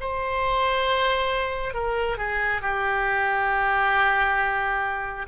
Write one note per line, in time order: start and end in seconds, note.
0.00 1.74 C5
1.74 2.17 A#4
2.17 2.61 G#4
2.61 5.26 G4